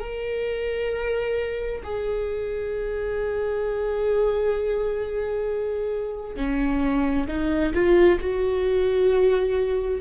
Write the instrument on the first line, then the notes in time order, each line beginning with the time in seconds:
viola
0.00 A#4
1.83 G#4
6.36 C#4
7.28 D#4
7.74 F4
8.20 F#4